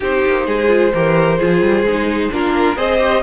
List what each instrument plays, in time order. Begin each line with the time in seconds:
0.00 cello C4, viola D#4, violin G4 C5
0.26 cello A#3
0.46 cello G#3, violin G#4
0.68 viola F4
0.93 cello E3, viola G4, violin A#4
1.38 cello F3, viola F4, violin G#4
1.61 cello G3
1.82 cello G#3, viola D#4
2.30 cello A#3, viola D4, violin F4 A#4
2.76 cello C4, viola G#4, violin C5 D#5
2.99 viola G4